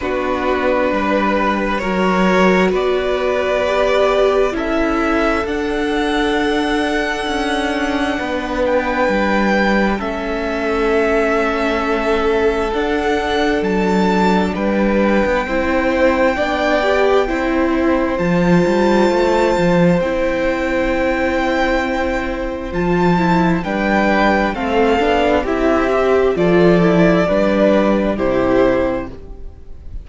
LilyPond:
<<
  \new Staff \with { instrumentName = "violin" } { \time 4/4 \tempo 4 = 66 b'2 cis''4 d''4~ | d''4 e''4 fis''2~ | fis''4. g''4. e''4~ | e''2 fis''4 a''4 |
g''1 | a''2 g''2~ | g''4 a''4 g''4 f''4 | e''4 d''2 c''4 | }
  \new Staff \with { instrumentName = "violin" } { \time 4/4 fis'4 b'4 ais'4 b'4~ | b'4 a'2.~ | a'4 b'2 a'4~ | a'1 |
b'4 c''4 d''4 c''4~ | c''1~ | c''2 b'4 a'4 | g'4 a'4 b'4 g'4 | }
  \new Staff \with { instrumentName = "viola" } { \time 4/4 d'2 fis'2 | g'4 e'4 d'2~ | d'2. cis'4~ | cis'2 d'2~ |
d'4 e'4 d'8 g'8 e'4 | f'2 e'2~ | e'4 f'8 e'8 d'4 c'8 d'8 | e'8 g'8 f'8 e'8 d'4 e'4 | }
  \new Staff \with { instrumentName = "cello" } { \time 4/4 b4 g4 fis4 b4~ | b4 cis'4 d'2 | cis'4 b4 g4 a4~ | a2 d'4 fis4 |
g8. b16 c'4 b4 c'4 | f8 g8 a8 f8 c'2~ | c'4 f4 g4 a8 b8 | c'4 f4 g4 c4 | }
>>